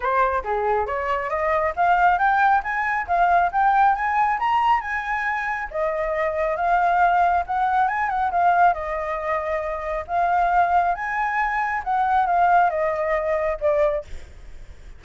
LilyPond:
\new Staff \with { instrumentName = "flute" } { \time 4/4 \tempo 4 = 137 c''4 gis'4 cis''4 dis''4 | f''4 g''4 gis''4 f''4 | g''4 gis''4 ais''4 gis''4~ | gis''4 dis''2 f''4~ |
f''4 fis''4 gis''8 fis''8 f''4 | dis''2. f''4~ | f''4 gis''2 fis''4 | f''4 dis''2 d''4 | }